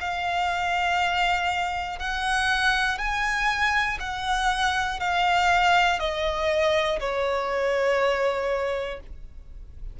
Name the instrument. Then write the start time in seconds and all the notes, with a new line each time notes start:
violin
0.00 F5
2.00 F#5
2.99 G#5
4.00 F#5
5.00 F5
6.00 D#5
7.00 C#5